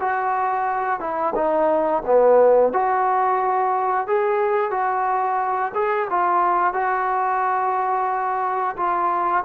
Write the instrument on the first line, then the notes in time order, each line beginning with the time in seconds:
trombone
0.00 F#4
1.00 E4
1.35 D#4
2.06 B3
2.73 F#4
4.07 G#4
4.71 F#4
5.74 G#4
6.10 F4
6.74 F#4
8.77 F4